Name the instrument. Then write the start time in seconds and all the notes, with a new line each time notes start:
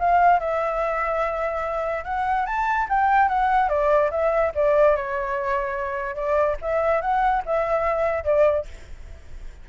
flute
0.00 F5
0.40 E5
2.05 F#5
2.47 A5
2.90 G5
3.29 F#5
3.70 D5
4.11 E5
4.55 D5
4.97 C#5
6.16 D5
6.62 E5
7.02 F#5
7.46 E5
8.25 D5